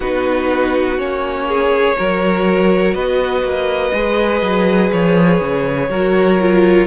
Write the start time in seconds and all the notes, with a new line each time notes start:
0.00 B3 D#4 F#4 B4
0.98 A#3 C#4 C#5
1.47 G#4
1.97 F#3 F#4 A#4
2.93 B3 B4 D#5
3.42 A#3
3.93 G#3 G#4
4.42 F#3
4.92 F3 C#5
5.40 C#3
5.89 F#3 F#4 A#4
6.40 F4